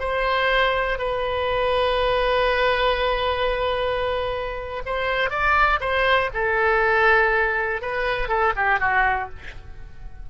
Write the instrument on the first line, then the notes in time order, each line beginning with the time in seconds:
oboe
0.00 C5
0.99 B4
4.86 C5
5.30 D5
5.81 C5
6.34 A4
7.82 B4
8.29 A4
8.56 G4
8.80 F#4